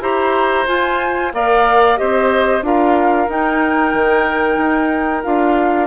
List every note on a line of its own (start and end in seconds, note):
0.00 0.65 E4
0.00 0.66 G4
0.00 1.32 C5
0.00 0.67 A#5
0.66 1.31 F4
0.66 1.33 F4
0.66 1.33 G#5
1.33 1.99 A#3
1.33 1.96 A#4
1.33 1.99 D5
1.33 1.97 F5
1.96 2.62 C4
1.96 2.62 G4
1.96 2.65 C5
1.96 2.62 D#5
2.62 3.27 D4
2.62 3.28 F4
2.62 5.87 A#4
2.62 3.30 F5
3.28 5.23 D#4
3.28 3.93 D#4
3.28 5.24 G5
3.93 4.57 D#3
4.57 5.23 D#4
5.23 5.87 D4
5.23 5.87 F4
5.23 5.87 F5